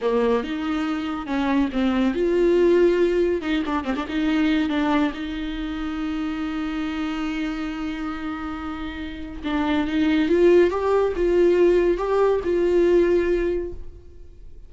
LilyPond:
\new Staff \with { instrumentName = "viola" } { \time 4/4 \tempo 4 = 140 ais4 dis'2 cis'4 | c'4 f'2. | dis'8 d'8 c'16 d'16 dis'4. d'4 | dis'1~ |
dis'1~ | dis'2 d'4 dis'4 | f'4 g'4 f'2 | g'4 f'2. | }